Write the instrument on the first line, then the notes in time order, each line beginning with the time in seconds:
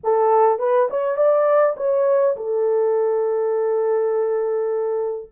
horn
0.03 A4
0.59 B4
0.90 C#5
1.16 D5
1.76 C#5
2.36 A4